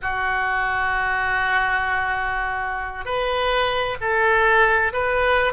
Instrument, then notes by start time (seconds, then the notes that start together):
oboe
0.02 F#4
3.05 B4
4.00 A4
4.92 B4